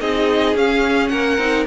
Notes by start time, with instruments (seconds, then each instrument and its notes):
0.00 cello C4, viola D#4, violin G#4 D#5
0.55 cello C#4, viola C#4, violin F5
1.08 cello A#3, violin A#4 F#5
1.37 cello C4, viola D#4